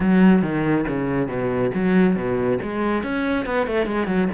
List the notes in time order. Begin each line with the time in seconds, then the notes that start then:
0.00 F#3
0.42 D#3
0.88 C#3
1.27 B2
1.74 F#3
2.15 B2
2.62 G#3
3.03 C#4
3.45 B3
3.66 A3
3.86 G#3
4.07 F#3